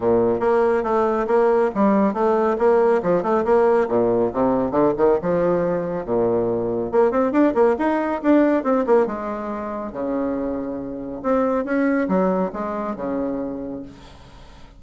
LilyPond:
\new Staff \with { instrumentName = "bassoon" } { \time 4/4 \tempo 4 = 139 ais,4 ais4 a4 ais4 | g4 a4 ais4 f8 a8 | ais4 ais,4 c4 d8 dis8 | f2 ais,2 |
ais8 c'8 d'8 ais8 dis'4 d'4 | c'8 ais8 gis2 cis4~ | cis2 c'4 cis'4 | fis4 gis4 cis2 | }